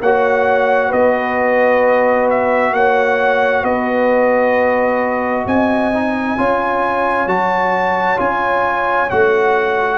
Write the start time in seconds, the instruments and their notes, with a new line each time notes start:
0.00 tuba A#3, trombone F#4, horn C#5, trumpet F#5
0.88 tuba B3, horn B4, trumpet D#5
2.30 trumpet E5
2.72 tuba A#3, horn C#5, trumpet F#5
3.63 tuba B3, horn B4, trumpet D#5
5.45 tuba C4, horn D#5, trumpet G#5
5.93 trombone D#4
6.37 tuba C#4, trombone F4, horn C#5
7.26 tuba F#3, trombone F#4, trumpet A5
8.16 tuba C#4, trombone F4, trumpet G#5
9.10 tuba A3, trombone F#4, trumpet F#5